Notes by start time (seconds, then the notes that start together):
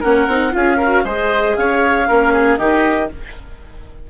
0.00 A#3 C#4 A#4 F#5
0.27 C4 D#4
0.51 C#4 F4 G#4 F5
0.77 F#4 A#4
1.04 G#3 G#4 C5 D#5
1.56 C#4 C#5 F5
2.08 A#3 C#4 A#4
2.32 G#4
2.57 D#3 D#4 G4 D#5